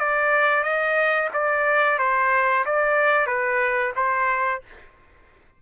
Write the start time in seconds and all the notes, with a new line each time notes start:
0.00 D5
0.64 D#5
1.34 D5
1.99 C5
2.66 D5
3.27 B4
3.97 C5